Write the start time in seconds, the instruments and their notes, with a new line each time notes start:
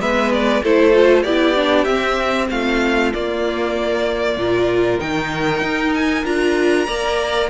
0.00 cello G#3, viola B3, violin B4 E5
0.32 violin D5
0.63 cello A3, viola E4, violin A4 C5
0.93 viola F4
1.23 cello B3, viola E4, violin G4 D5
1.56 viola D4
1.85 cello C4, viola C4, violin E5
2.50 cello A3, violin F4 F5
3.13 viola A#3, cello A#3, violin D5
4.37 cello A#2, viola F4, violin A#4
4.99 cello D#3, viola D#4, violin G5
5.62 cello D#4
5.95 violin G#5
6.25 cello D4, viola F4, violin A#5
6.87 cello A#3, viola A#4, violin D5